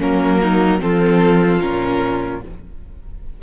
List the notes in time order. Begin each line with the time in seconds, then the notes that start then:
0.00 F#3 A#3 C#4 A#4
0.42 D#4
0.80 F3 C4 F4 A4
1.61 A#2 C#4 A#4